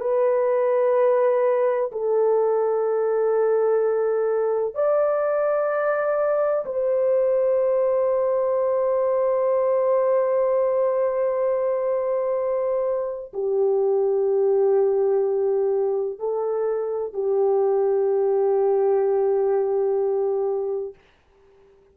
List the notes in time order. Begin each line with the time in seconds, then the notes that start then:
0.00 B4
1.91 A4
4.74 D5
6.65 C5
13.33 G4
16.19 A4
17.13 G4